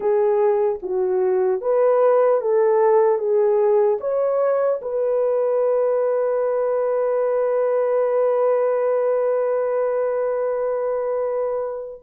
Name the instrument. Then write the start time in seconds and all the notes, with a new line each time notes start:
horn
0.00 G#4
0.82 F#4
1.61 B4
2.41 A4
3.18 G#4
4.00 C#5
4.81 B4